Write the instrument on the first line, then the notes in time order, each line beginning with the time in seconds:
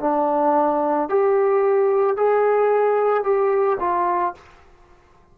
trombone
0.00 D4
1.09 G4
2.17 G#4
3.24 G4
3.80 F4